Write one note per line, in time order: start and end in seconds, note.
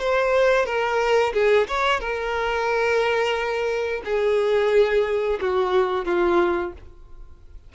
0.00 0.66 C5
0.66 1.33 A#4
1.34 1.68 G#4
1.68 2.00 C#5
2.00 4.03 A#4
4.05 5.40 G#4
5.41 6.06 F#4
6.06 6.73 F4